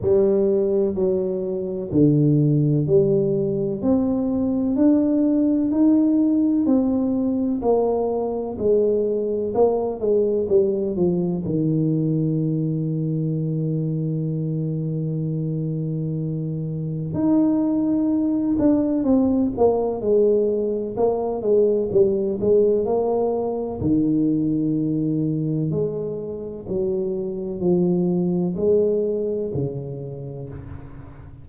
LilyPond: \new Staff \with { instrumentName = "tuba" } { \time 4/4 \tempo 4 = 63 g4 fis4 d4 g4 | c'4 d'4 dis'4 c'4 | ais4 gis4 ais8 gis8 g8 f8 | dis1~ |
dis2 dis'4. d'8 | c'8 ais8 gis4 ais8 gis8 g8 gis8 | ais4 dis2 gis4 | fis4 f4 gis4 cis4 | }